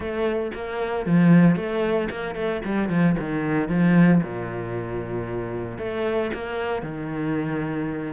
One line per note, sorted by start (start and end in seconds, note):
0.00 0.51 A3
0.54 1.06 A#3
1.06 1.56 F3
1.56 2.08 A3
2.10 2.35 A#3
2.35 2.61 A3
2.64 2.89 G3
2.89 3.15 F3
3.19 3.68 D#3
3.68 4.21 F3
4.22 5.78 A#2
5.78 6.31 A3
6.33 6.82 A#3
6.82 8.13 D#3